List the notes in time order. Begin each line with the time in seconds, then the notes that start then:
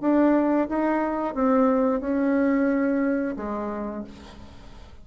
0.00 D4
0.68 D#4
1.34 C4
2.00 C#4
3.36 G#3